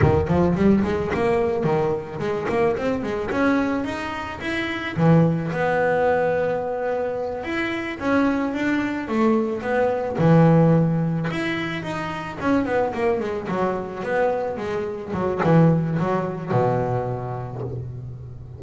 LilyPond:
\new Staff \with { instrumentName = "double bass" } { \time 4/4 \tempo 4 = 109 dis8 f8 g8 gis8 ais4 dis4 | gis8 ais8 c'8 gis8 cis'4 dis'4 | e'4 e4 b2~ | b4. e'4 cis'4 d'8~ |
d'8 a4 b4 e4.~ | e8 e'4 dis'4 cis'8 b8 ais8 | gis8 fis4 b4 gis4 fis8 | e4 fis4 b,2 | }